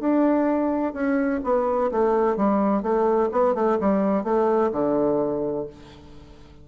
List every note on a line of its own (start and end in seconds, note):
0.00 0.94 D4
0.94 1.41 C#4
1.44 1.92 B3
1.92 2.37 A3
2.37 2.83 G3
2.83 3.30 A3
3.32 3.55 B3
3.55 3.79 A3
3.81 4.24 G3
4.24 4.71 A3
4.72 5.67 D3